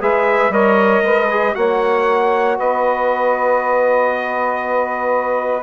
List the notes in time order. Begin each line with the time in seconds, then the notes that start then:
0.00 G#3 G#4 B4 E5
0.49 G3 A#4 C#5 D#5
1.02 G#3 B4
1.30 G#4
1.54 A#3 F#4 C#5 F#5
2.58 B3 B4 D#5